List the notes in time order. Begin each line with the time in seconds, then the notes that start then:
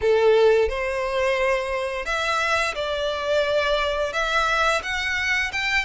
0.01 A4
0.69 C5
2.05 E5
2.74 D5
4.12 E5
4.82 F#5
5.52 G5